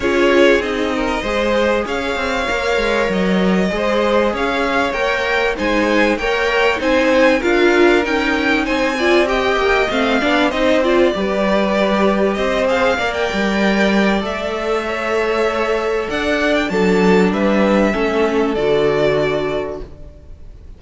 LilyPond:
<<
  \new Staff \with { instrumentName = "violin" } { \time 4/4 \tempo 4 = 97 cis''4 dis''2 f''4~ | f''4 dis''2 f''4 | g''4 gis''4 g''4 gis''4 | f''4 g''4 gis''4 g''4 |
f''4 dis''8 d''2~ d''8 | dis''8 f''8. g''4.~ g''16 e''4~ | e''2 fis''8. g''16 a''4 | e''2 d''2 | }
  \new Staff \with { instrumentName = "violin" } { \time 4/4 gis'4. ais'8 c''4 cis''4~ | cis''2 c''4 cis''4~ | cis''4 c''4 cis''4 c''4 | ais'2 c''8 d''8 dis''4~ |
dis''8 d''8 c''4 b'2 | c''4 d''2. | cis''2 d''4 a'4 | b'4 a'2. | }
  \new Staff \with { instrumentName = "viola" } { \time 4/4 f'4 dis'4 gis'2 | ais'2 gis'2 | ais'4 dis'4 ais'4 dis'4 | f'4 dis'4. f'8 g'4 |
c'8 d'8 dis'8 f'8 g'2~ | g'8 gis'8 ais'2 a'4~ | a'2. d'4~ | d'4 cis'4 fis'2 | }
  \new Staff \with { instrumentName = "cello" } { \time 4/4 cis'4 c'4 gis4 cis'8 c'8 | ais8 gis8 fis4 gis4 cis'4 | ais4 gis4 ais4 c'4 | d'4 cis'4 c'4. ais8 |
a8 b8 c'4 g2 | c'4 ais8 g4. a4~ | a2 d'4 fis4 | g4 a4 d2 | }
>>